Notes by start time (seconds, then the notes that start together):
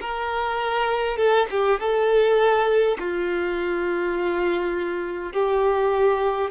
0.00 A#4
1.17 A4
1.50 G4
1.79 A4
2.99 F4
5.32 G4